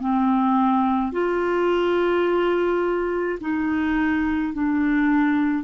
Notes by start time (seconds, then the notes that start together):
0.00 C4
1.12 F4
3.40 D#4
4.53 D4